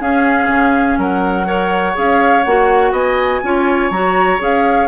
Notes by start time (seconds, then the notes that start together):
0.00 C#4 G#4 F5
0.47 C#3
0.97 F#3 A#4 F#5
1.45 A#4 C#5
1.94 C#4 G#4 F5
2.44 A#3 F#4 F#5
2.92 B3 D#5 G#5
3.43 C#4 F4 C#5
3.90 F#3 F#4 A#5
4.38 C#4 G#4 F5